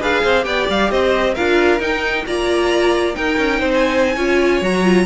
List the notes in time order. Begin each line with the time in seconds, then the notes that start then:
0.00 D4 G#4 B4 F5
0.23 C4 C5
0.43 B3 G4 D5 G5
0.69 G3 F5
0.91 C4 C5 D#5
1.34 D4 F4 A#4 F5
1.79 D#4 G5
2.26 A#3 F4 D5 A#5
3.14 D#4 A#4 G5
3.38 C#4
3.59 C4 C5
3.74 G#5
4.15 C#4 F4 C#5
4.62 F#3 F#4 A#5
4.84 F4